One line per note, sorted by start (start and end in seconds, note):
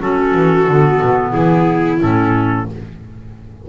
0.00 0.34 F#3
0.00 0.67 C#4
0.00 1.32 F#4
0.00 1.33 A4
0.34 0.67 E3
0.68 1.01 D3
0.68 2.01 B3
1.02 1.35 B2
1.32 2.02 E3
1.32 2.65 E4
1.32 2.00 G#4
2.01 2.68 A2
2.01 2.67 C#4
2.01 2.70 A4